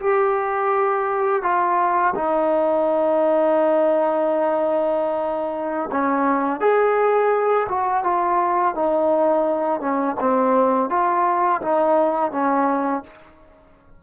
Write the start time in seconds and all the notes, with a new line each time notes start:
0.00 G4
1.43 F4
2.15 D#4
5.92 C#4
6.60 G#4
7.69 F#4
8.04 F4
8.75 D#4
9.81 C#4
10.20 C4
10.90 F4
11.62 D#4
12.32 C#4